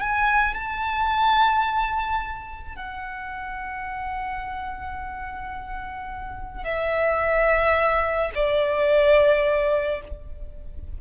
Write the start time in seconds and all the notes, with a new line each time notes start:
0.00 G#5
0.55 A5
2.76 F#5
6.64 E5
8.35 D5